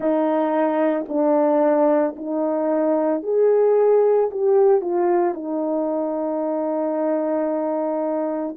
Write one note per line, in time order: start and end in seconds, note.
0.00 1.05 D#4
1.08 2.15 D4
2.15 3.22 D#4
3.22 4.30 G#4
4.31 4.81 G4
4.81 5.34 F4
5.34 8.56 D#4